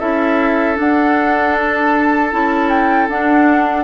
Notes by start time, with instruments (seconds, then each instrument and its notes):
0.00 bassoon C#4, clarinet E4, oboe A4, flute E5
0.75 clarinet D4, bassoon D4, flute F#5
1.59 flute A5
2.32 bassoon C#4, clarinet E4
2.70 flute G5
3.09 bassoon D4, clarinet D4, flute F#5